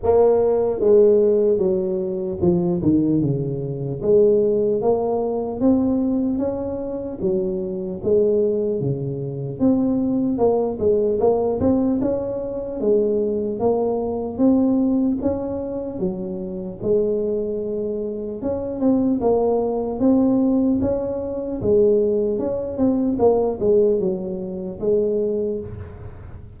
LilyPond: \new Staff \with { instrumentName = "tuba" } { \time 4/4 \tempo 4 = 75 ais4 gis4 fis4 f8 dis8 | cis4 gis4 ais4 c'4 | cis'4 fis4 gis4 cis4 | c'4 ais8 gis8 ais8 c'8 cis'4 |
gis4 ais4 c'4 cis'4 | fis4 gis2 cis'8 c'8 | ais4 c'4 cis'4 gis4 | cis'8 c'8 ais8 gis8 fis4 gis4 | }